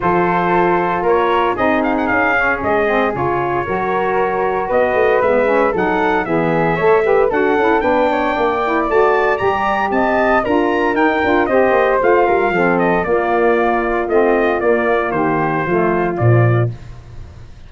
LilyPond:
<<
  \new Staff \with { instrumentName = "trumpet" } { \time 4/4 \tempo 4 = 115 c''2 cis''4 dis''8 f''16 fis''16 | f''4 dis''4 cis''2~ | cis''4 dis''4 e''4 fis''4 | e''2 fis''4 g''4~ |
g''4 a''4 ais''4 a''4 | ais''4 g''4 dis''4 f''4~ | f''8 dis''8 d''2 dis''4 | d''4 c''2 d''4 | }
  \new Staff \with { instrumentName = "flute" } { \time 4/4 a'2 ais'4 gis'4~ | gis'2. ais'4~ | ais'4 b'2 a'4 | gis'4 cis''8 b'8 a'4 b'8 cis''8 |
d''2. dis''4 | ais'2 c''4. ais'8 | a'4 f'2.~ | f'4 g'4 f'2 | }
  \new Staff \with { instrumentName = "saxophone" } { \time 4/4 f'2. dis'4~ | dis'8 cis'4 c'8 f'4 fis'4~ | fis'2 b8 cis'8 dis'4 | b4 a'8 g'8 fis'8 e'8 d'4~ |
d'8 e'8 fis'4 g'2 | f'4 dis'8 f'8 g'4 f'4 | c'4 ais2 c'4 | ais2 a4 f4 | }
  \new Staff \with { instrumentName = "tuba" } { \time 4/4 f2 ais4 c'4 | cis'4 gis4 cis4 fis4~ | fis4 b8 a8 gis4 fis4 | e4 a4 d'8 cis'8 b4 |
ais4 a4 g4 c'4 | d'4 dis'8 d'8 c'8 ais8 a8 g8 | f4 ais2 a4 | ais4 dis4 f4 ais,4 | }
>>